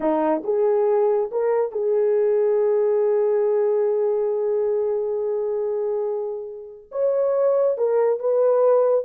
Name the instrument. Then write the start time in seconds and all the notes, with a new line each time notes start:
horn
0.00 D#4
0.44 G#4
1.31 A#4
1.71 G#4
6.91 C#5
7.77 A#4
8.19 B4